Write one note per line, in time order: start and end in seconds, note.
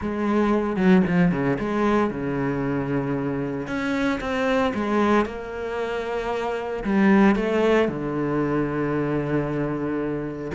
0.01 0.76 G#3
0.76 1.02 F#3
1.06 1.31 F3
1.31 1.57 C#3
1.59 2.10 G#3
2.10 3.67 C#3
3.67 4.19 C#4
4.20 4.72 C4
4.74 5.25 G#3
5.25 6.83 A#3
6.84 7.35 G3
7.35 7.88 A3
7.88 10.51 D3